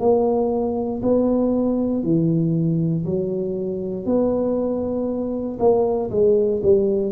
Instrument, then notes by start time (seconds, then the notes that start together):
tuba
0.00 A#3
1.03 B3
2.04 E3
3.06 F#3
4.06 B3
5.60 A#3
6.11 G#3
6.63 G3